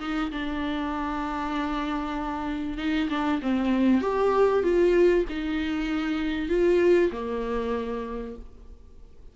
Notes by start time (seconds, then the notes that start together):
0.00 D#4
0.31 D4
2.78 D#4
3.10 D4
3.42 C4
4.01 G4
4.63 F4
5.29 D#4
6.49 F4
7.12 A#3